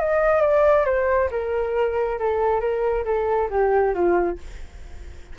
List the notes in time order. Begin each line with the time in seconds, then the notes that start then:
0.00 D#5
0.42 D5
0.86 C5
1.31 A#4
2.19 A4
2.61 A#4
3.05 A4
3.50 G4
3.94 F4